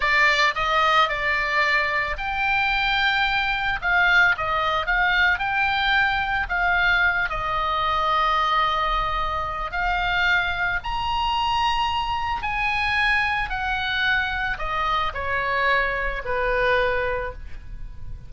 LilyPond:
\new Staff \with { instrumentName = "oboe" } { \time 4/4 \tempo 4 = 111 d''4 dis''4 d''2 | g''2. f''4 | dis''4 f''4 g''2 | f''4. dis''2~ dis''8~ |
dis''2 f''2 | ais''2. gis''4~ | gis''4 fis''2 dis''4 | cis''2 b'2 | }